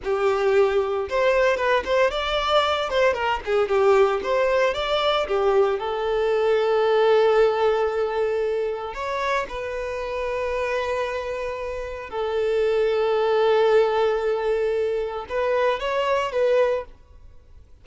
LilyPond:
\new Staff \with { instrumentName = "violin" } { \time 4/4 \tempo 4 = 114 g'2 c''4 b'8 c''8 | d''4. c''8 ais'8 gis'8 g'4 | c''4 d''4 g'4 a'4~ | a'1~ |
a'4 cis''4 b'2~ | b'2. a'4~ | a'1~ | a'4 b'4 cis''4 b'4 | }